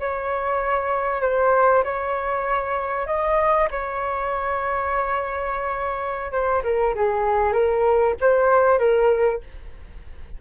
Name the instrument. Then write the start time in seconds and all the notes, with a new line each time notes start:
flute
0.00 C#5
1.22 C5
1.84 C#5
3.07 D#5
3.71 C#5
6.32 C5
6.64 A#4
6.95 G#4
7.53 A#4
8.21 C5
8.79 A#4